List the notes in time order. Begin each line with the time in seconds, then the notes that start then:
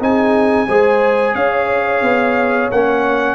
0.00 C4 D#4 G#4 G#5
0.68 G#3 G#4 C5
1.34 C#4 C#5 F5
2.02 B3
2.71 A#3 C#4 F#5